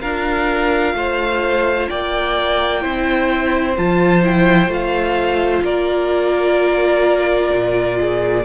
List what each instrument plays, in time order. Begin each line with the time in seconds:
0.00 cello D4, viola F4, violin A#4 F5
0.93 cello A3, violin C5
1.89 cello A#3, violin D5 G5
2.81 cello C4, viola E4, violin C5
3.77 cello F3, viola F4, violin A5
4.22 viola E4, violin G5
4.67 cello A3, viola F4, violin F5
5.62 cello A#3, violin A#4 D5
7.54 cello A#2
8.00 violin G#4